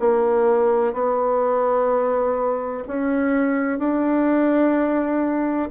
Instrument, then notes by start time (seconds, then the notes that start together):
bassoon
0.00 A#3
0.93 B3
2.87 C#4
3.79 D4